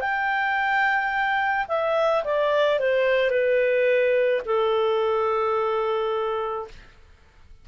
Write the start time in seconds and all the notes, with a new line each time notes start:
0.00 G5
1.68 E5
2.24 D5
2.79 C5
3.30 B4
4.45 A4